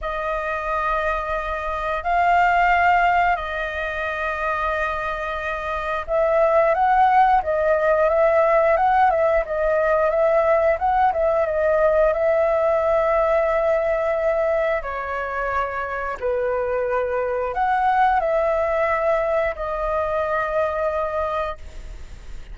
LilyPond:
\new Staff \with { instrumentName = "flute" } { \time 4/4 \tempo 4 = 89 dis''2. f''4~ | f''4 dis''2.~ | dis''4 e''4 fis''4 dis''4 | e''4 fis''8 e''8 dis''4 e''4 |
fis''8 e''8 dis''4 e''2~ | e''2 cis''2 | b'2 fis''4 e''4~ | e''4 dis''2. | }